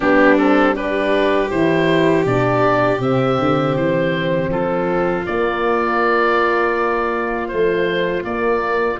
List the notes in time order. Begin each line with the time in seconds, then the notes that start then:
0.00 G3 B3 D4 G4
0.37 C4 A4
0.74 D4 G4 B4
1.50 E3 E4 C5
2.25 B2 D4 D5
2.99 C3 C4 E5
3.39 D3
3.75 E3 C5
4.48 F3 F4 A4
5.26 A#3 D5
7.48 F3 A3 C5
8.22 A#3 D5